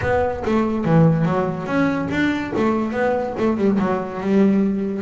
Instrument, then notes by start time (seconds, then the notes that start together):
double bass
0.01 B3
0.45 A3
0.84 E3
1.25 F#3
1.66 C#4
2.11 D4
2.55 A3
2.92 B3
3.38 A3
3.57 G3
3.78 F#3
4.20 G3